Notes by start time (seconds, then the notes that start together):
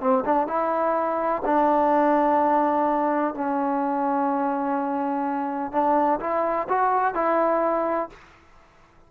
0.00 C4
0.25 D4
0.47 E4
1.45 D4
3.34 C#4
5.72 D4
6.20 E4
6.69 F#4
7.14 E4